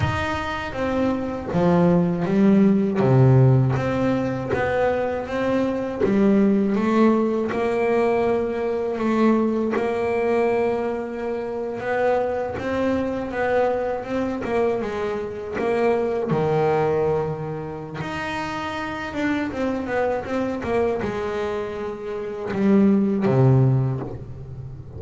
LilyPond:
\new Staff \with { instrumentName = "double bass" } { \time 4/4 \tempo 4 = 80 dis'4 c'4 f4 g4 | c4 c'4 b4 c'4 | g4 a4 ais2 | a4 ais2~ ais8. b16~ |
b8. c'4 b4 c'8 ais8 gis16~ | gis8. ais4 dis2~ dis16 | dis'4. d'8 c'8 b8 c'8 ais8 | gis2 g4 c4 | }